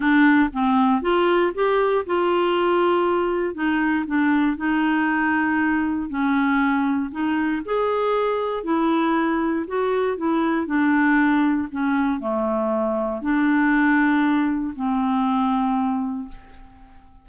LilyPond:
\new Staff \with { instrumentName = "clarinet" } { \time 4/4 \tempo 4 = 118 d'4 c'4 f'4 g'4 | f'2. dis'4 | d'4 dis'2. | cis'2 dis'4 gis'4~ |
gis'4 e'2 fis'4 | e'4 d'2 cis'4 | a2 d'2~ | d'4 c'2. | }